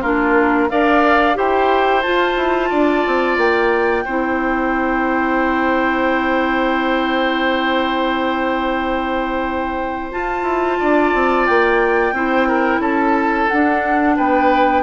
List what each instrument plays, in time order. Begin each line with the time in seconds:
0.00 bassoon A#3, clarinet D4, oboe F4, flute A#4
0.69 bassoon D4, clarinet A#4, oboe D5, flute F5
1.34 bassoon E4, clarinet G4, oboe C5, flute G5
2.02 clarinet F4, bassoon F4, flute A5
2.36 bassoon E4
2.70 bassoon D4, oboe D5
3.07 bassoon C4
3.37 bassoon A#3, flute G5
4.04 bassoon C4, clarinet E4, oboe C5
10.11 clarinet F4, bassoon F4, flute A5
10.43 bassoon E4
10.79 bassoon D4, oboe D5
11.14 bassoon C4
11.46 bassoon A#3, flute G5
12.12 bassoon C4, clarinet E4, oboe C5
12.48 oboe A#4
12.79 bassoon C#4, oboe A4, flute A5
13.48 clarinet D4, bassoon D4, flute F#5
14.16 bassoon B3, oboe B4, flute G5